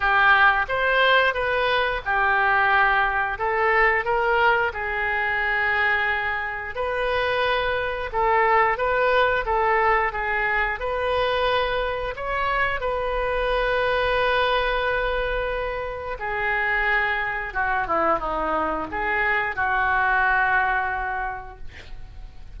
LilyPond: \new Staff \with { instrumentName = "oboe" } { \time 4/4 \tempo 4 = 89 g'4 c''4 b'4 g'4~ | g'4 a'4 ais'4 gis'4~ | gis'2 b'2 | a'4 b'4 a'4 gis'4 |
b'2 cis''4 b'4~ | b'1 | gis'2 fis'8 e'8 dis'4 | gis'4 fis'2. | }